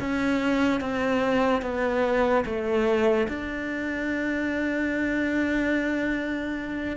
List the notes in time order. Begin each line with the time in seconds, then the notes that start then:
0.00 C#4
0.81 C4
1.62 B3
2.46 A3
3.28 D4